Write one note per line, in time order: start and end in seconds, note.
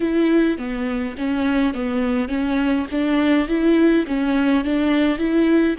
0.00 0.58 E4
0.58 1.15 B3
1.17 1.74 C#4
1.74 2.28 B3
2.28 2.86 C#4
2.91 3.48 D4
3.48 4.05 E4
4.06 4.64 C#4
4.64 5.18 D4
5.18 5.75 E4